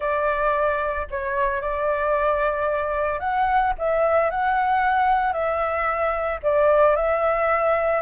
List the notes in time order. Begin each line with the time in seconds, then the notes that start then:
0.00 D5
1.10 C#5
1.61 D5
3.19 F#5
3.78 E5
4.30 F#5
5.32 E5
6.43 D5
6.96 E5